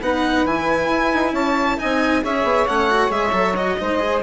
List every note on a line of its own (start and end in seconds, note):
0.00 0.44 B3
0.00 0.46 D#4
0.00 1.32 B4
0.00 0.46 F#5
0.45 0.89 E3
0.45 1.77 E4
0.45 1.34 G#5
0.89 1.11 E4
1.14 1.32 D#4
1.32 1.76 C#4
1.32 1.77 C#5
1.32 1.79 A5
1.77 2.24 C4
1.77 2.22 D#4
1.77 2.23 D#5
1.77 2.23 G#5
2.22 2.43 C#4
2.22 2.67 G#4
2.22 3.78 C#5
2.22 2.67 E5
2.43 2.65 B3
2.67 3.10 A3
2.67 2.90 C#4
2.67 3.11 F#5
2.90 3.07 F#4
3.07 3.32 G#3
3.07 3.30 G#4
3.07 3.56 E5
3.32 3.76 F#3
3.32 3.54 A4
3.56 3.78 F#4
3.56 4.22 D#5
3.79 4.22 G#3
3.79 3.99 D#4
3.79 4.22 C5
3.99 4.21 G#4